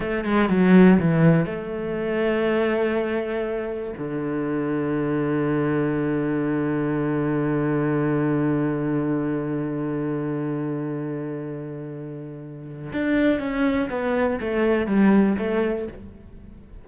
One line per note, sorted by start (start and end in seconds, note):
0.00 0.24 A3
0.24 0.49 G#3
0.49 0.98 F#3
0.99 1.45 E3
1.45 3.93 A3
3.98 12.91 D3
12.92 13.39 D4
13.39 13.89 C#4
13.89 14.39 B3
14.40 14.86 A3
14.86 15.36 G3
15.37 15.87 A3